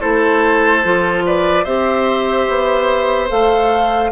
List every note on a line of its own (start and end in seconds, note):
0.00 0.84 A3
0.00 0.82 E4
0.00 1.23 A4
0.00 1.23 C5
0.83 1.65 F3
0.83 1.65 F4
1.26 1.64 B4
1.26 1.64 D5
1.64 2.47 C4
1.64 3.28 G4
1.64 4.10 C5
1.64 3.28 E5
2.47 3.30 B3
3.28 4.11 A3
3.28 4.10 A4
3.28 4.11 F5